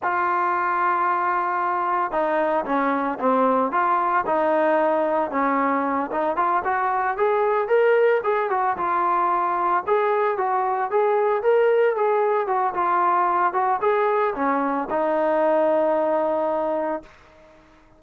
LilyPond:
\new Staff \with { instrumentName = "trombone" } { \time 4/4 \tempo 4 = 113 f'1 | dis'4 cis'4 c'4 f'4 | dis'2 cis'4. dis'8 | f'8 fis'4 gis'4 ais'4 gis'8 |
fis'8 f'2 gis'4 fis'8~ | fis'8 gis'4 ais'4 gis'4 fis'8 | f'4. fis'8 gis'4 cis'4 | dis'1 | }